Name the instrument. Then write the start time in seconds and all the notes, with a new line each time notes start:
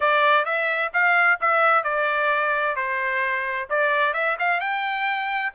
trumpet
0.00 D5
0.45 E5
0.93 F5
1.40 E5
1.83 D5
2.76 C5
3.69 D5
4.13 E5
4.39 F5
4.60 G5